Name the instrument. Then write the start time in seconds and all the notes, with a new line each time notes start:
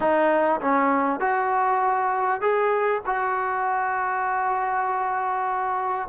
trombone
0.00 D#4
0.61 C#4
1.20 F#4
2.41 G#4
3.06 F#4